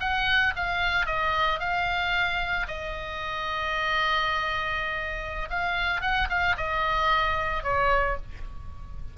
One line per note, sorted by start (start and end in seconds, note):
0.00 0.54 F#5
0.56 1.06 F5
1.06 1.59 D#5
1.60 2.67 F5
2.68 5.49 D#5
5.50 6.01 F5
6.01 6.28 F#5
6.29 6.56 F5
6.57 7.63 D#5
7.63 8.17 C#5